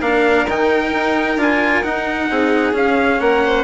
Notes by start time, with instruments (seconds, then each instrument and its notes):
0.00 bassoon A#3, cello D4, violin A#4, trumpet F5
0.47 bassoon D#3, cello D#4, trumpet G5
0.92 bassoon D#4
1.36 bassoon D4, cello F4, trumpet G#5
1.83 cello D#4, bassoon D#4, trumpet F#5
2.30 bassoon C4, violin G#4
2.72 bassoon C#4, cello C#4, trumpet F5
3.20 bassoon A#3, violin A#4, trumpet F#5
3.45 violin C5